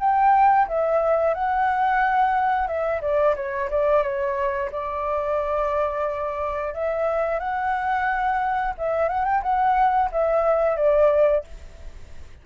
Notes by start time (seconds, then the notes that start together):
0.00 G5
0.68 E5
1.34 F#5
2.68 E5
3.02 D5
3.36 C#5
3.70 D5
4.03 C#5
4.72 D5
6.74 E5
7.40 F#5
8.78 E5
9.09 F#5
9.25 G5
9.43 F#5
10.12 E5
10.77 D5